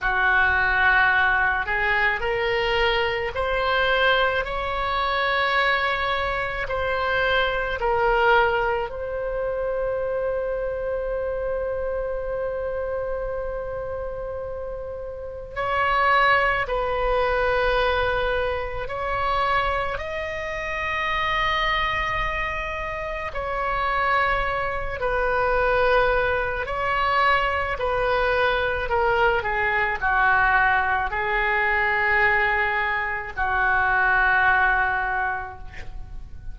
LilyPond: \new Staff \with { instrumentName = "oboe" } { \time 4/4 \tempo 4 = 54 fis'4. gis'8 ais'4 c''4 | cis''2 c''4 ais'4 | c''1~ | c''2 cis''4 b'4~ |
b'4 cis''4 dis''2~ | dis''4 cis''4. b'4. | cis''4 b'4 ais'8 gis'8 fis'4 | gis'2 fis'2 | }